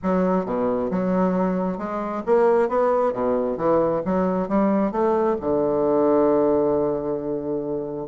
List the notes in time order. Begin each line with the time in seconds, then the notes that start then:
0.02 F#3
0.45 B2
0.90 F#3
1.77 G#3
2.26 A#3
2.69 B3
3.13 B2
3.57 E3
4.05 F#3
4.48 G3
4.91 A3
5.40 D3